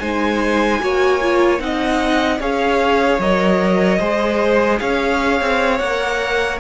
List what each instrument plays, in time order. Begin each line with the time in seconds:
0.00 cello G#3, viola D#4, violin C5 G#5
0.80 cello A#3, viola F#4, violin C#5
1.22 viola F4
1.59 cello C4, viola D#4, violin D#5 F#5
2.40 cello C#4, viola G#4, violin C#5 F5
3.19 cello F#3, viola A#4, violin D#5
3.99 cello G#3, viola G#4, violin C5
4.79 cello C#4, violin C#5 F5
5.41 cello C4
5.79 cello A#3, viola A#4, violin F#5